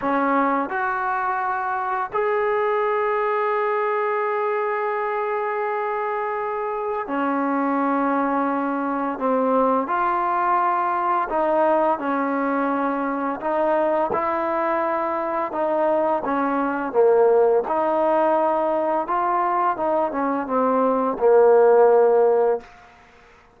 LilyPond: \new Staff \with { instrumentName = "trombone" } { \time 4/4 \tempo 4 = 85 cis'4 fis'2 gis'4~ | gis'1~ | gis'2 cis'2~ | cis'4 c'4 f'2 |
dis'4 cis'2 dis'4 | e'2 dis'4 cis'4 | ais4 dis'2 f'4 | dis'8 cis'8 c'4 ais2 | }